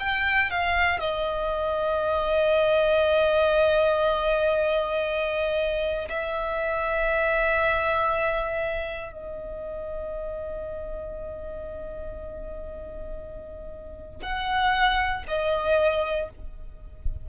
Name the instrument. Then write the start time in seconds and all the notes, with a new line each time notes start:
violin
0.00 G5
0.51 F5
1.00 D#5
6.10 E5
9.13 D#5
14.23 F#5
15.28 D#5